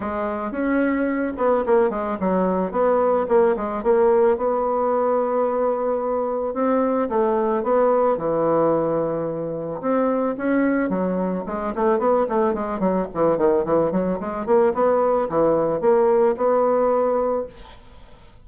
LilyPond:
\new Staff \with { instrumentName = "bassoon" } { \time 4/4 \tempo 4 = 110 gis4 cis'4. b8 ais8 gis8 | fis4 b4 ais8 gis8 ais4 | b1 | c'4 a4 b4 e4~ |
e2 c'4 cis'4 | fis4 gis8 a8 b8 a8 gis8 fis8 | e8 dis8 e8 fis8 gis8 ais8 b4 | e4 ais4 b2 | }